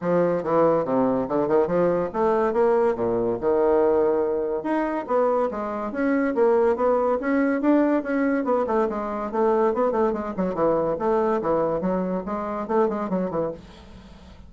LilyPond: \new Staff \with { instrumentName = "bassoon" } { \time 4/4 \tempo 4 = 142 f4 e4 c4 d8 dis8 | f4 a4 ais4 ais,4 | dis2. dis'4 | b4 gis4 cis'4 ais4 |
b4 cis'4 d'4 cis'4 | b8 a8 gis4 a4 b8 a8 | gis8 fis8 e4 a4 e4 | fis4 gis4 a8 gis8 fis8 e8 | }